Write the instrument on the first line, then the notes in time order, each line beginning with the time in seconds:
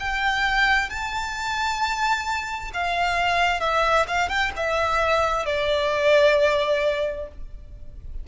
violin
0.00 G5
0.90 A5
2.74 F5
3.61 E5
4.07 F5
4.29 G5
4.57 E5
5.46 D5